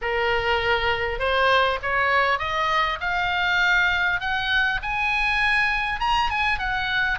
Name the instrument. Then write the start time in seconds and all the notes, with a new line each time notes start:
oboe
0.01 A#4
1.19 C5
1.82 C#5
2.38 D#5
3.00 F5
4.20 F#5
4.82 G#5
5.99 A#5
6.29 G#5
6.58 F#5